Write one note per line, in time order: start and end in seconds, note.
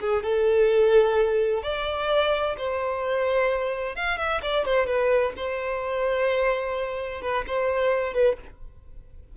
0.00 0.23 G#4
0.23 1.63 A4
1.63 2.56 D5
2.58 3.96 C5
3.96 4.18 F5
4.18 4.41 E5
4.42 4.66 D5
4.66 4.86 C5
4.86 5.33 B4
5.37 7.22 C5
7.22 7.45 B4
7.47 8.14 C5
8.14 8.37 B4